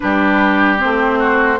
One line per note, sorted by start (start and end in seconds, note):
0.00 0.83 G3
0.00 0.78 D4
0.00 1.19 G4
0.00 0.77 B4
0.78 1.59 A3
0.78 1.58 C4
0.78 1.59 C5
1.19 1.59 F#4